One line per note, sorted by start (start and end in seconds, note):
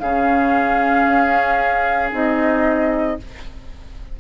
0.00 1.07 C#3
0.00 2.12 C#4
0.00 3.18 G#4
0.00 2.11 F5
1.07 2.12 C#4
2.12 3.19 C4
2.12 3.18 D#4
2.12 3.20 D#5